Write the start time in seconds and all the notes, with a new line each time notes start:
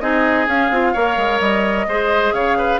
0.00 C4 D#4 G#4 D#5
0.47 C#4 F5
0.70 C4 F4
0.93 A#3 A#4 C#5
1.17 G#3
1.40 G3 D#5
1.87 G#3 G#4 C5
2.32 C#3 C#5 F5
2.57 B4